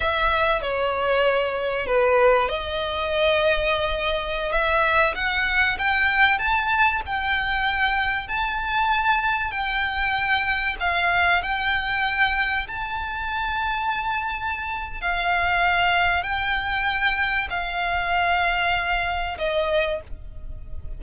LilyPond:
\new Staff \with { instrumentName = "violin" } { \time 4/4 \tempo 4 = 96 e''4 cis''2 b'4 | dis''2.~ dis''16 e''8.~ | e''16 fis''4 g''4 a''4 g''8.~ | g''4~ g''16 a''2 g''8.~ |
g''4~ g''16 f''4 g''4.~ g''16~ | g''16 a''2.~ a''8. | f''2 g''2 | f''2. dis''4 | }